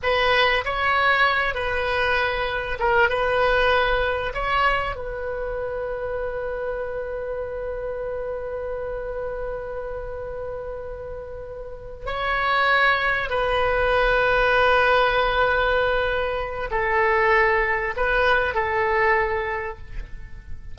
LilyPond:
\new Staff \with { instrumentName = "oboe" } { \time 4/4 \tempo 4 = 97 b'4 cis''4. b'4.~ | b'8 ais'8 b'2 cis''4 | b'1~ | b'1~ |
b'2.~ b'8 cis''8~ | cis''4. b'2~ b'8~ | b'2. a'4~ | a'4 b'4 a'2 | }